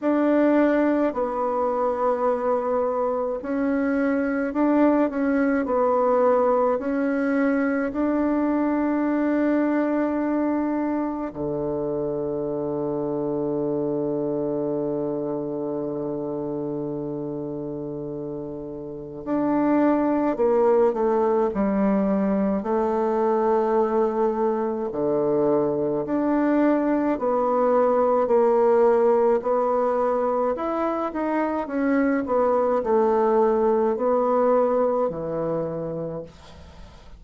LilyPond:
\new Staff \with { instrumentName = "bassoon" } { \time 4/4 \tempo 4 = 53 d'4 b2 cis'4 | d'8 cis'8 b4 cis'4 d'4~ | d'2 d2~ | d1~ |
d4 d'4 ais8 a8 g4 | a2 d4 d'4 | b4 ais4 b4 e'8 dis'8 | cis'8 b8 a4 b4 e4 | }